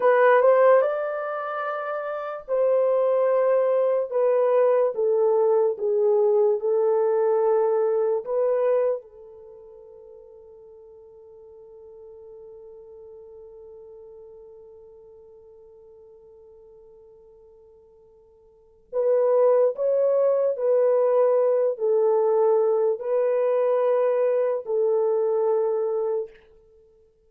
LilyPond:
\new Staff \with { instrumentName = "horn" } { \time 4/4 \tempo 4 = 73 b'8 c''8 d''2 c''4~ | c''4 b'4 a'4 gis'4 | a'2 b'4 a'4~ | a'1~ |
a'1~ | a'2. b'4 | cis''4 b'4. a'4. | b'2 a'2 | }